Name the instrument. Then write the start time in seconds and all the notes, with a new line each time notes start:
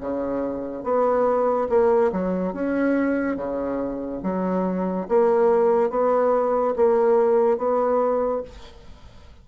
bassoon
0.00 C#3
0.83 B3
1.69 A#3
2.12 F#3
2.53 C#4
3.36 C#3
4.23 F#3
5.08 A#3
5.90 B3
6.76 A#3
7.57 B3